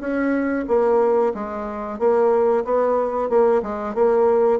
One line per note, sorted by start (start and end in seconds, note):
0.00 0.65 C#4
0.68 1.33 A#3
1.34 1.99 G#3
1.99 2.64 A#3
2.64 3.29 B3
3.29 3.62 A#3
3.63 3.94 G#3
3.94 4.59 A#3